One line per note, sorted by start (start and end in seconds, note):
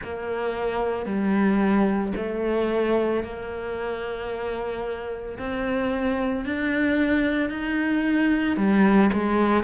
0.03 1.05 A#3
1.05 2.12 G3
2.16 3.23 A3
3.23 5.38 A#3
5.38 6.45 C4
6.45 7.50 D4
7.50 8.56 D#4
8.56 9.10 G3
9.13 9.63 G#3